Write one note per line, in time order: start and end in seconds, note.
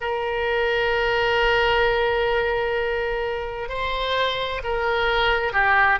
0.00 3.68 A#4
3.68 4.61 C5
4.63 5.53 A#4
5.53 5.99 G4